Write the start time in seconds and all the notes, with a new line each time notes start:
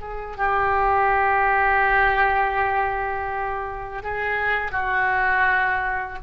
0.00 G#4
0.37 G4
4.02 G#4
4.71 F#4